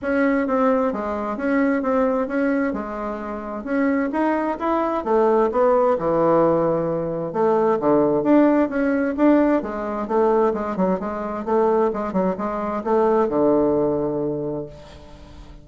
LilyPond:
\new Staff \with { instrumentName = "bassoon" } { \time 4/4 \tempo 4 = 131 cis'4 c'4 gis4 cis'4 | c'4 cis'4 gis2 | cis'4 dis'4 e'4 a4 | b4 e2. |
a4 d4 d'4 cis'4 | d'4 gis4 a4 gis8 fis8 | gis4 a4 gis8 fis8 gis4 | a4 d2. | }